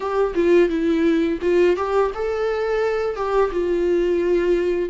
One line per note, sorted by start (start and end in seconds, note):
0.00 0.34 G4
0.35 0.68 F4
0.68 1.38 E4
1.41 1.76 F4
1.76 2.11 G4
2.14 3.16 A4
3.16 3.51 G4
3.51 4.89 F4